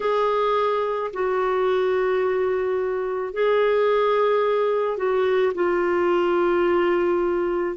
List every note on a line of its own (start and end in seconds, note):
0.00 1.11 G#4
1.13 3.33 F#4
3.33 4.97 G#4
4.97 5.53 F#4
5.54 7.76 F4